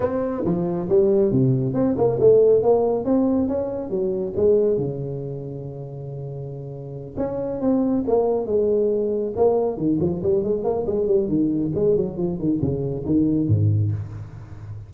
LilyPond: \new Staff \with { instrumentName = "tuba" } { \time 4/4 \tempo 4 = 138 c'4 f4 g4 c4 | c'8 ais8 a4 ais4 c'4 | cis'4 fis4 gis4 cis4~ | cis1~ |
cis8 cis'4 c'4 ais4 gis8~ | gis4. ais4 dis8 f8 g8 | gis8 ais8 gis8 g8 dis4 gis8 fis8 | f8 dis8 cis4 dis4 gis,4 | }